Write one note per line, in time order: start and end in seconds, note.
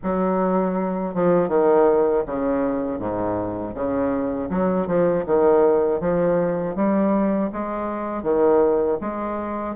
0.03 1.14 F#3
1.14 1.48 F3
1.48 2.23 D#3
2.26 2.99 C#3
2.99 3.74 G#2
3.74 4.49 C#3
4.49 4.87 F#3
4.87 5.24 F3
5.26 6.00 D#3
6.00 6.75 F3
6.75 7.50 G3
7.52 8.23 G#3
8.23 8.98 D#3
9.00 9.75 G#3